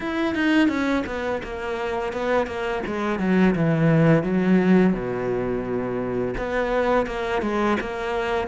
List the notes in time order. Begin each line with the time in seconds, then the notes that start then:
0.00 E4
0.34 D#4
0.68 C#4
1.06 B3
1.43 A#3
2.12 B3
2.46 A#3
2.86 G#3
3.19 F#3
3.55 E3
4.23 F#3
4.93 B2
6.37 B3
7.06 A#3
7.41 G#3
7.80 A#3